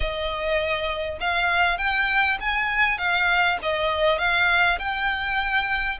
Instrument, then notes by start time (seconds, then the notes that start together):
violin
0.00 D#5
1.20 F5
1.78 G5
2.40 G#5
2.98 F5
3.62 D#5
4.18 F5
4.78 G5